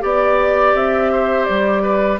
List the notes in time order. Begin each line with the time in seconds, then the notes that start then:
0.00 B3 G4 D5
0.74 C4 E5
1.12 C5
1.44 G3 D5
1.82 B4